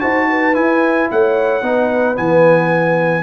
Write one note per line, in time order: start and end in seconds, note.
0.00 0.56 D#4
0.00 0.54 F#4
0.00 0.28 C5
0.00 0.54 A5
0.30 1.11 B4
0.54 1.62 E4
0.54 1.10 E4
0.54 1.08 G#5
1.10 1.62 A3
1.10 1.65 C#5
1.10 2.16 F#5
1.62 2.16 B3
1.62 2.14 D#4
1.62 3.22 B4
2.14 3.22 E3
2.14 3.22 B3
2.14 3.22 G#5